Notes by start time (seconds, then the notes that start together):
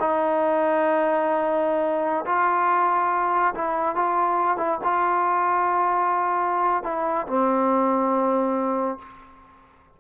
0.00 D#4
2.25 F4
3.55 E4
3.95 F4
4.57 E4
4.84 F4
6.84 E4
7.27 C4